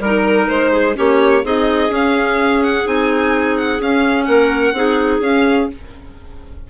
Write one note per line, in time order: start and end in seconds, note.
0.00 0.47 G3
0.00 0.94 D#4
0.00 0.72 A#4
0.00 0.48 A#4
0.48 0.97 G#3
0.48 0.96 C5
0.73 0.96 G#4
0.94 1.44 A#3
0.94 1.42 C#4
0.94 1.44 G4
0.94 1.45 C#5
1.44 1.90 C4
1.44 1.89 D#4
1.44 4.28 G#4
1.44 1.94 D#5
1.89 2.84 C#4
1.89 2.85 C#4
1.89 2.64 F5
2.64 2.88 F#5
2.85 3.81 C4
2.85 3.80 D#4
2.85 3.58 G#5
3.58 3.81 F#5
3.81 4.28 C#4
3.81 4.75 C#4
3.81 4.25 F5
4.25 4.73 A#3
4.25 4.75 A#4
4.25 5.19 F#5
4.73 5.20 C4
4.73 5.22 D#4
4.73 5.71 G#4
5.21 5.68 C#4
5.21 5.70 C#4
5.21 5.70 F5